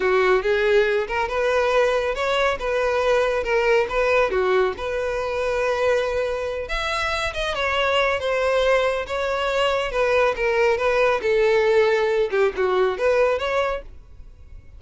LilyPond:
\new Staff \with { instrumentName = "violin" } { \time 4/4 \tempo 4 = 139 fis'4 gis'4. ais'8 b'4~ | b'4 cis''4 b'2 | ais'4 b'4 fis'4 b'4~ | b'2.~ b'8 e''8~ |
e''4 dis''8 cis''4. c''4~ | c''4 cis''2 b'4 | ais'4 b'4 a'2~ | a'8 g'8 fis'4 b'4 cis''4 | }